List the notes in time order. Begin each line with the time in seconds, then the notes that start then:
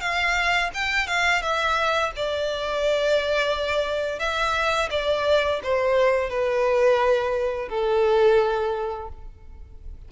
0.00 F5
0.74 G5
1.07 F5
1.41 E5
2.16 D5
4.19 E5
4.90 D5
5.63 C5
6.29 B4
7.68 A4